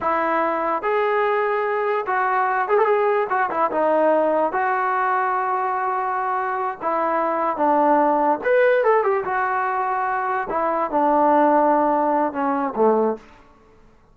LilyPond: \new Staff \with { instrumentName = "trombone" } { \time 4/4 \tempo 4 = 146 e'2 gis'2~ | gis'4 fis'4. gis'16 a'16 gis'4 | fis'8 e'8 dis'2 fis'4~ | fis'1~ |
fis'8 e'2 d'4.~ | d'8 b'4 a'8 g'8 fis'4.~ | fis'4. e'4 d'4.~ | d'2 cis'4 a4 | }